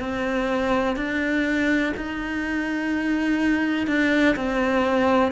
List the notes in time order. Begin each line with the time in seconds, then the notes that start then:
0.00 C4
0.97 D4
1.97 D#4
3.88 D4
4.36 C4